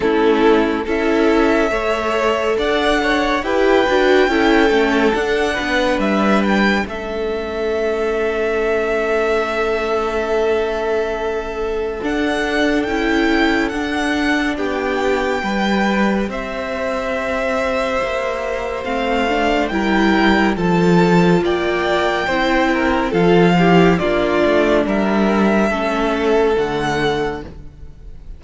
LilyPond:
<<
  \new Staff \with { instrumentName = "violin" } { \time 4/4 \tempo 4 = 70 a'4 e''2 fis''4 | g''2 fis''4 e''8 g''8 | e''1~ | e''2 fis''4 g''4 |
fis''4 g''2 e''4~ | e''2 f''4 g''4 | a''4 g''2 f''4 | d''4 e''2 fis''4 | }
  \new Staff \with { instrumentName = "violin" } { \time 4/4 e'4 a'4 cis''4 d''8 cis''8 | b'4 a'4. b'4. | a'1~ | a'1~ |
a'4 g'4 b'4 c''4~ | c''2. ais'4 | a'4 d''4 c''8 ais'8 a'8 g'8 | f'4 ais'4 a'2 | }
  \new Staff \with { instrumentName = "viola" } { \time 4/4 cis'4 e'4 a'2 | g'8 fis'8 e'8 cis'8 d'2 | cis'1~ | cis'2 d'4 e'4 |
d'2 g'2~ | g'2 c'8 d'8 e'4 | f'2 e'4 f'8 e'8 | d'2 cis'4 a4 | }
  \new Staff \with { instrumentName = "cello" } { \time 4/4 a4 cis'4 a4 d'4 | e'8 d'8 cis'8 a8 d'8 b8 g4 | a1~ | a2 d'4 cis'4 |
d'4 b4 g4 c'4~ | c'4 ais4 a4 g4 | f4 ais4 c'4 f4 | ais8 a8 g4 a4 d4 | }
>>